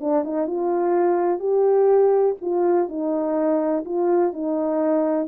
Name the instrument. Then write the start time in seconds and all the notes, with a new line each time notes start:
horn
0.00 D4
0.24 D#4
0.47 F4
1.39 G4
2.41 F4
2.88 D#4
3.84 F4
4.32 D#4